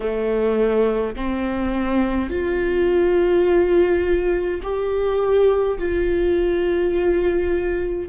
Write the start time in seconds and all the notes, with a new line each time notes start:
0.00 A3
1.15 C4
2.30 F4
4.62 G4
5.78 F4